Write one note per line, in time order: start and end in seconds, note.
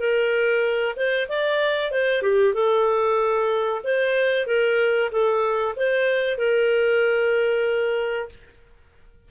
0.00 0.96 A#4
0.96 1.28 C5
1.29 1.92 D5
1.92 2.23 C5
2.23 2.54 G4
2.54 3.82 A4
3.84 4.47 C5
4.47 5.11 A#4
5.12 5.75 A4
5.77 6.38 C5
6.38 8.29 A#4